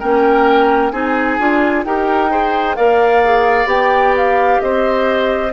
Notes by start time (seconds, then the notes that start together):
0.00 A#3 C#4 A#4 G5
0.91 C4 D#4 G#4 G#5
1.40 D4 F4
1.85 D#4 G4 A#4 G5
2.30 G#4 C5
2.76 A#3 A#4 D5 F5
3.25 G#4
3.66 B3 G4 G5
4.17 F5
4.61 C4 C5 D#5